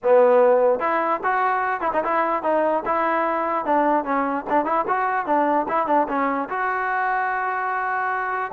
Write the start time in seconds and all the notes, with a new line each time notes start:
0.03 B3
0.79 E4
1.23 F#4
1.80 E4
1.93 D#4
2.04 E4
2.43 D#4
2.85 E4
3.65 D4
4.04 C#4
4.49 D4
4.65 E4
4.87 F#4
5.26 D4
5.68 E4
5.87 D4
6.08 C#4
6.49 F#4